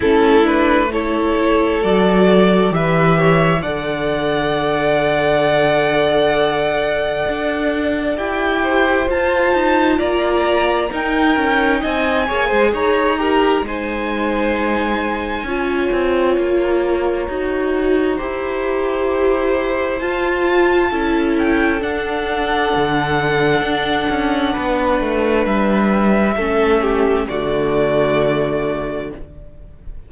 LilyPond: <<
  \new Staff \with { instrumentName = "violin" } { \time 4/4 \tempo 4 = 66 a'8 b'8 cis''4 d''4 e''4 | fis''1~ | fis''4 g''4 a''4 ais''4 | g''4 gis''4 ais''4 gis''4~ |
gis''2~ gis''16 ais''4.~ ais''16~ | ais''2 a''4. g''8 | fis''1 | e''2 d''2 | }
  \new Staff \with { instrumentName = "violin" } { \time 4/4 e'4 a'2 b'8 cis''8 | d''1~ | d''4. c''4. d''4 | ais'4 dis''8 cis''16 c''16 cis''8 ais'8 c''4~ |
c''4 cis''2. | c''2. a'4~ | a'2. b'4~ | b'4 a'8 g'8 fis'2 | }
  \new Staff \with { instrumentName = "viola" } { \time 4/4 cis'8 d'8 e'4 fis'4 g'4 | a'1~ | a'4 g'4 f'2 | dis'4. gis'4 g'8 dis'4~ |
dis'4 f'2 fis'4 | g'2 f'4 e'4 | d'1~ | d'4 cis'4 a2 | }
  \new Staff \with { instrumentName = "cello" } { \time 4/4 a2 fis4 e4 | d1 | d'4 e'4 f'8 dis'8 ais4 | dis'8 cis'8 c'8 ais16 gis16 dis'4 gis4~ |
gis4 cis'8 c'8 ais4 dis'4 | e'2 f'4 cis'4 | d'4 d4 d'8 cis'8 b8 a8 | g4 a4 d2 | }
>>